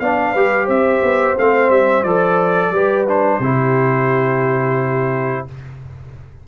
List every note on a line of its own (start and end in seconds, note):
0.00 0.35 B3
0.00 0.36 D4
0.00 0.33 D5
0.00 0.68 F5
0.33 0.68 G3
0.33 1.38 G4
0.33 0.65 B4
0.65 1.02 C4
0.65 2.70 C5
0.65 1.38 E5
1.03 1.37 B3
1.38 1.70 A3
1.38 2.06 C4
1.38 1.71 F5
1.70 2.04 G3
1.70 2.04 E5
2.04 2.71 F3
2.04 2.75 A4
2.04 3.06 D5
2.71 3.39 G3
2.71 3.08 G4
2.71 3.42 B4
3.08 3.42 D4
3.08 5.48 C5
3.40 5.45 C3
3.40 5.48 E4
3.40 5.47 G4